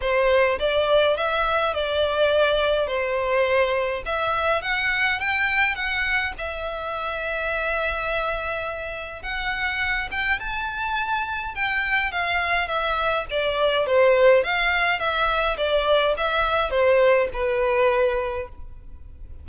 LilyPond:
\new Staff \with { instrumentName = "violin" } { \time 4/4 \tempo 4 = 104 c''4 d''4 e''4 d''4~ | d''4 c''2 e''4 | fis''4 g''4 fis''4 e''4~ | e''1 |
fis''4. g''8 a''2 | g''4 f''4 e''4 d''4 | c''4 f''4 e''4 d''4 | e''4 c''4 b'2 | }